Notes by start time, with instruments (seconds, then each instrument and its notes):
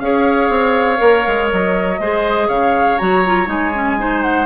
0.00 bassoon C#4, clarinet G#4, oboe C#5, flute F5
0.50 bassoon C4
0.98 bassoon A#3, clarinet A#4
1.28 bassoon G#3
1.51 bassoon F#3, flute D#5
2.00 bassoon G#3, clarinet G#4, oboe C5
2.48 bassoon C#3, oboe C#5, flute F5
2.98 bassoon F#3, clarinet F#4, flute A#5
3.26 clarinet F4
3.46 bassoon G#3, clarinet D#4, flute G#5
3.75 clarinet C#4
3.99 clarinet D#4, oboe C5
4.23 flute F#5